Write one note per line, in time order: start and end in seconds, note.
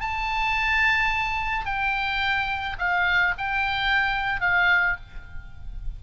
0.00 1.65 A5
1.65 2.76 G5
2.78 3.34 F5
3.37 4.40 G5
4.40 4.96 F5